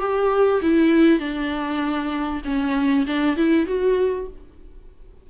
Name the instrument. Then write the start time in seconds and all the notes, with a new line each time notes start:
viola
0.00 G4
0.62 E4
1.19 D4
2.45 C#4
3.06 D4
3.37 E4
3.66 F#4